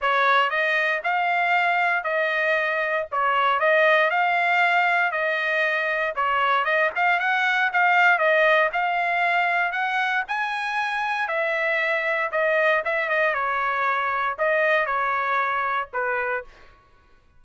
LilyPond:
\new Staff \with { instrumentName = "trumpet" } { \time 4/4 \tempo 4 = 117 cis''4 dis''4 f''2 | dis''2 cis''4 dis''4 | f''2 dis''2 | cis''4 dis''8 f''8 fis''4 f''4 |
dis''4 f''2 fis''4 | gis''2 e''2 | dis''4 e''8 dis''8 cis''2 | dis''4 cis''2 b'4 | }